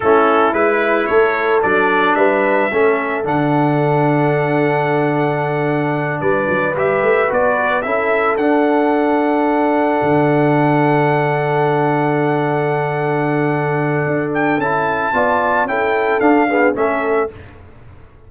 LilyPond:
<<
  \new Staff \with { instrumentName = "trumpet" } { \time 4/4 \tempo 4 = 111 a'4 b'4 cis''4 d''4 | e''2 fis''2~ | fis''2.~ fis''8 d''8~ | d''8 e''4 d''4 e''4 fis''8~ |
fis''1~ | fis''1~ | fis''2~ fis''8 g''8 a''4~ | a''4 g''4 f''4 e''4 | }
  \new Staff \with { instrumentName = "horn" } { \time 4/4 e'2 a'2 | b'4 a'2.~ | a'2.~ a'8 b'8~ | b'2~ b'8 a'4.~ |
a'1~ | a'1~ | a'1 | d''4 a'4. gis'8 a'4 | }
  \new Staff \with { instrumentName = "trombone" } { \time 4/4 cis'4 e'2 d'4~ | d'4 cis'4 d'2~ | d'1~ | d'8 g'4 fis'4 e'4 d'8~ |
d'1~ | d'1~ | d'2. e'4 | f'4 e'4 d'8 b8 cis'4 | }
  \new Staff \with { instrumentName = "tuba" } { \time 4/4 a4 gis4 a4 fis4 | g4 a4 d2~ | d2.~ d8 g8 | fis8 g8 a8 b4 cis'4 d'8~ |
d'2~ d'8 d4.~ | d1~ | d2 d'4 cis'4 | b4 cis'4 d'4 a4 | }
>>